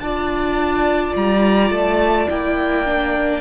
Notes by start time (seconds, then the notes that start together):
0.00 D4 F4 D5 A5
1.16 G3 A#5
1.71 A3 A5
2.30 A#3 E4 G5
2.86 D4